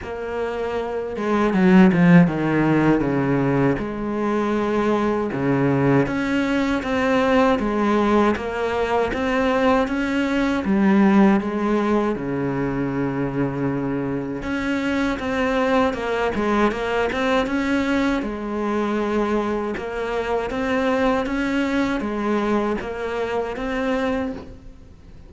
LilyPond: \new Staff \with { instrumentName = "cello" } { \time 4/4 \tempo 4 = 79 ais4. gis8 fis8 f8 dis4 | cis4 gis2 cis4 | cis'4 c'4 gis4 ais4 | c'4 cis'4 g4 gis4 |
cis2. cis'4 | c'4 ais8 gis8 ais8 c'8 cis'4 | gis2 ais4 c'4 | cis'4 gis4 ais4 c'4 | }